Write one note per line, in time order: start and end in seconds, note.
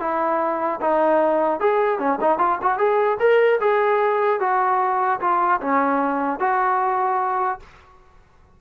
0.00 0.80 E4
0.81 1.60 D#4
1.60 1.99 G#4
1.99 2.19 C#4
2.21 2.38 D#4
2.38 2.58 F4
2.62 2.78 F#4
2.78 3.18 G#4
3.20 3.60 A#4
3.61 4.40 G#4
4.40 5.20 F#4
5.21 5.61 F4
5.61 6.39 C#4
6.39 7.59 F#4